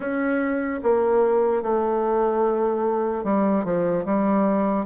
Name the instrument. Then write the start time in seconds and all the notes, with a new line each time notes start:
bassoon
0.00 C#4
0.82 A#3
1.62 A3
3.24 G3
3.64 F3
4.05 G3